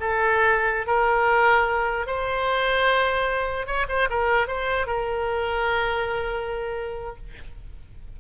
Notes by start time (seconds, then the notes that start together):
0.00 A4
0.87 A#4
2.06 C5
3.66 C#5
3.88 C5
4.10 A#4
4.47 C5
4.86 A#4